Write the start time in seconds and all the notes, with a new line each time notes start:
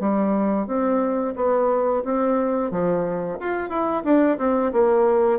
0.00 G3
0.67 C4
1.36 B3
2.05 C4
2.71 F3
3.40 F4
3.70 E4
4.04 D4
4.39 C4
4.73 A#3